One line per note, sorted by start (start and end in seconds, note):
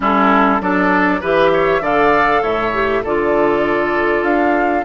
0.00 0.61 G3
0.00 0.60 C#4
0.00 0.61 E4
0.00 0.61 A4
0.60 1.21 F#3
0.60 1.20 D4
0.60 1.20 A4
0.60 1.22 D5
1.20 1.80 E3
1.20 1.81 G4
1.20 1.50 B4
1.20 1.84 E5
1.52 1.82 C#5
1.80 2.41 D3
1.80 2.72 A4
1.80 2.42 D5
1.80 2.42 F5
2.42 3.03 A2
2.42 3.02 C#5
2.42 3.03 E5
2.73 3.03 G4
3.03 4.22 D3
3.03 4.85 F4
3.03 4.85 A4
3.03 4.23 D5
4.22 4.83 D4
4.22 4.84 F5